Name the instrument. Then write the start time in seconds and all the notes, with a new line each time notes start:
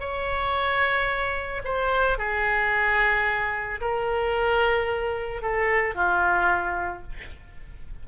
oboe
0.00 C#5
1.64 C5
2.18 G#4
3.81 A#4
5.42 A4
5.95 F4